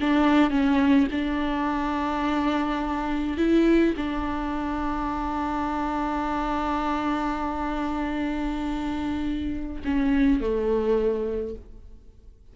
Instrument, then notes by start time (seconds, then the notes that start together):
viola
0.00 D4
0.50 C#4
1.11 D4
3.37 E4
3.97 D4
9.84 C#4
10.41 A3